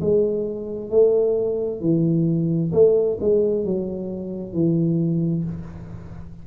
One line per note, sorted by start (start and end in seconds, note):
0.00 0.90 G#3
0.90 1.80 A3
1.80 2.71 E3
2.72 3.17 A3
3.20 3.64 G#3
3.64 4.53 F#3
4.53 5.44 E3